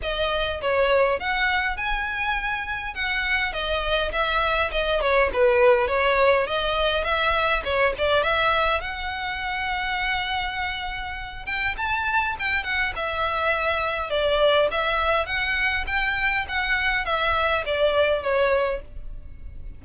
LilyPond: \new Staff \with { instrumentName = "violin" } { \time 4/4 \tempo 4 = 102 dis''4 cis''4 fis''4 gis''4~ | gis''4 fis''4 dis''4 e''4 | dis''8 cis''8 b'4 cis''4 dis''4 | e''4 cis''8 d''8 e''4 fis''4~ |
fis''2.~ fis''8 g''8 | a''4 g''8 fis''8 e''2 | d''4 e''4 fis''4 g''4 | fis''4 e''4 d''4 cis''4 | }